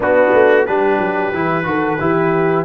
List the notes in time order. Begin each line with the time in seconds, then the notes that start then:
0.00 B3 D4 F#4
0.33 A3
0.65 G3 D4 G4 B4
0.99 F#3
1.33 E3 E4
1.64 D#3 F#4 A4
1.99 E3 E4 G4